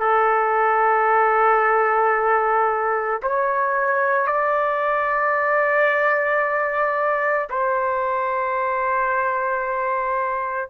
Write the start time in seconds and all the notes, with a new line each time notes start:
0.00 A4
3.23 C#5
4.27 D5
7.50 C5